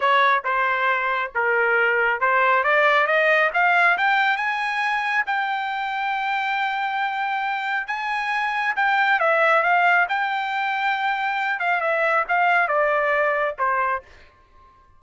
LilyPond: \new Staff \with { instrumentName = "trumpet" } { \time 4/4 \tempo 4 = 137 cis''4 c''2 ais'4~ | ais'4 c''4 d''4 dis''4 | f''4 g''4 gis''2 | g''1~ |
g''2 gis''2 | g''4 e''4 f''4 g''4~ | g''2~ g''8 f''8 e''4 | f''4 d''2 c''4 | }